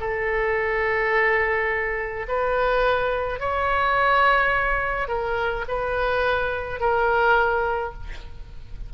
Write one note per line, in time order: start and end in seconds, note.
0.00 2.26 A4
2.28 3.40 B4
3.40 5.08 C#5
5.08 5.64 A#4
5.68 6.80 B4
6.80 7.93 A#4